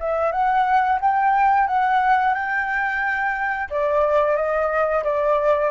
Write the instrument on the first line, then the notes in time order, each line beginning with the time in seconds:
flute
0.00 E5
0.32 F#5
1.00 G5
1.68 F#5
2.34 G5
3.70 D5
4.36 D#5
5.04 D5